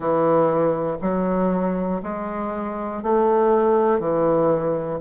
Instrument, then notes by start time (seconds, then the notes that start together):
bassoon
0.00 E3
1.01 F#3
2.03 G#3
3.02 A3
3.99 E3